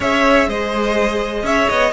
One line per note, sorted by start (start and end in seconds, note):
0.00 0.48 C#4
0.00 1.92 G#4
0.00 0.48 C#5
0.00 0.49 E5
0.48 1.43 G#3
0.48 1.45 C5
0.48 1.45 D#5
1.43 1.67 C#4
1.43 1.92 C#5
1.43 1.68 E5
1.68 1.92 B3
1.68 1.92 D#5